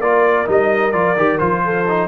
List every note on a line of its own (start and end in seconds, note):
0.00 0.46 A#3
0.00 0.45 F4
0.00 1.64 A#4
0.00 0.47 D5
0.45 0.93 G3
0.45 0.92 D#4
0.45 0.92 D#5
0.92 1.15 F3
0.92 1.15 F4
0.92 1.38 D5
1.15 1.39 D#3
1.15 1.39 G4
1.38 2.07 F3
1.38 1.85 F4
1.38 2.07 C5
1.64 2.07 A4
1.88 2.07 D#4